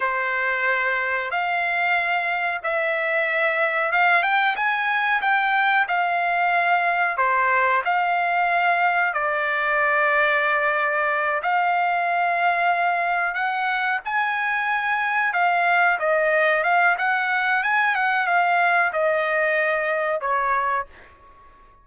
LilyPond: \new Staff \with { instrumentName = "trumpet" } { \time 4/4 \tempo 4 = 92 c''2 f''2 | e''2 f''8 g''8 gis''4 | g''4 f''2 c''4 | f''2 d''2~ |
d''4. f''2~ f''8~ | f''8 fis''4 gis''2 f''8~ | f''8 dis''4 f''8 fis''4 gis''8 fis''8 | f''4 dis''2 cis''4 | }